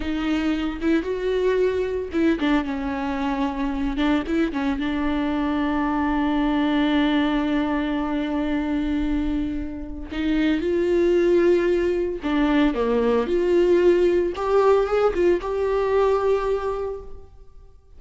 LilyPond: \new Staff \with { instrumentName = "viola" } { \time 4/4 \tempo 4 = 113 dis'4. e'8 fis'2 | e'8 d'8 cis'2~ cis'8 d'8 | e'8 cis'8 d'2.~ | d'1~ |
d'2. dis'4 | f'2. d'4 | ais4 f'2 g'4 | gis'8 f'8 g'2. | }